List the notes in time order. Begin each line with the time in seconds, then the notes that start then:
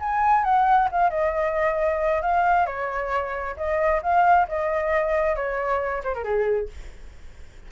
0.00 G#5
0.44 F#5
0.92 F5
1.10 D#5
2.22 F5
2.67 C#5
3.57 D#5
4.03 F5
4.49 D#5
5.36 C#5
6.04 C5
6.15 A#4
6.24 G#4